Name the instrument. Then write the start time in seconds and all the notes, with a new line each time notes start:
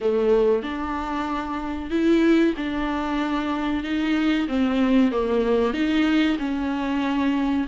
viola
0.01 A3
0.62 D4
1.90 E4
2.56 D4
3.83 D#4
4.48 C4
5.11 A#3
5.73 D#4
6.38 C#4